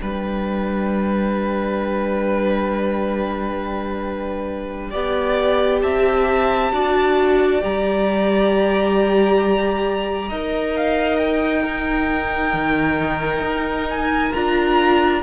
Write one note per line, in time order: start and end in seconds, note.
0.00 4.94 G3
0.00 4.93 D4
0.00 4.90 B4
0.00 5.82 G5
4.90 5.83 B3
4.90 6.73 G4
4.90 5.80 D5
5.82 6.72 C4
5.82 6.72 E5
5.82 7.61 A5
6.72 7.62 D4
6.72 7.62 F#4
6.72 10.29 D5
7.62 10.31 G3
7.62 10.30 G4
7.62 10.76 A#5
10.29 12.54 D#4
10.29 11.64 A#4
10.29 11.63 D#5
10.76 11.18 F5
11.18 13.86 G5
11.63 14.32 D#4
11.63 15.21 A#4
12.54 13.41 D#3
13.41 14.30 D#4
13.90 14.33 G#5
14.33 15.23 D4
14.33 15.23 F4
14.33 15.23 A#5